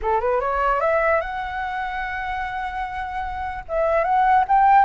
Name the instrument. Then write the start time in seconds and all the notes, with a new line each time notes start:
flute
0.01 A4
0.20 B4
0.40 C#5
0.80 E5
1.20 F#5
3.68 E5
4.04 F#5
4.47 G5